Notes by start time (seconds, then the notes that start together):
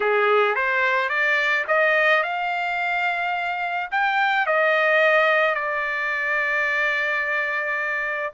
0.00 G#4
0.55 C5
1.09 D5
1.67 D#5
2.23 F5
3.91 G5
4.46 D#5
5.55 D5